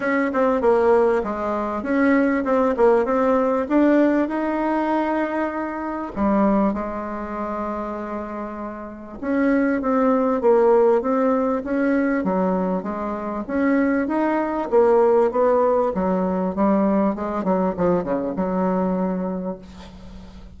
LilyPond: \new Staff \with { instrumentName = "bassoon" } { \time 4/4 \tempo 4 = 98 cis'8 c'8 ais4 gis4 cis'4 | c'8 ais8 c'4 d'4 dis'4~ | dis'2 g4 gis4~ | gis2. cis'4 |
c'4 ais4 c'4 cis'4 | fis4 gis4 cis'4 dis'4 | ais4 b4 fis4 g4 | gis8 fis8 f8 cis8 fis2 | }